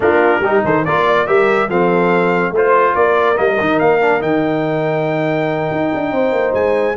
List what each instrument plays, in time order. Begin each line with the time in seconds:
0.00 tuba A#3, trombone D4, horn F4, trumpet A#4
0.39 tuba G3, trombone D#4, horn G4
0.64 tuba D#3, horn A4, trumpet C5
0.84 tuba A#3, trombone F4, horn A#4, trumpet D5
1.08 horn D5
1.26 tuba G3, trombone G4, horn A#4, trumpet E5
1.68 tuba F3, trombone C4, horn A4, trumpet F5
2.50 tuba A3, trombone F4, horn C5
2.57 trumpet C5
2.95 tuba A#3, horn A#4, trumpet D5
3.35 tuba G3, trombone A#3, trumpet D#5
3.60 tuba D#3, trombone D#4
3.79 tuba A#3, trumpet F5
4.01 trombone D4
4.20 tuba D#3, trombone D#4, trumpet G5
5.71 tuba D#4
5.94 tuba D4
6.11 tuba C4, horn C5
6.31 tuba A#3
6.54 tuba G#3, trumpet G#5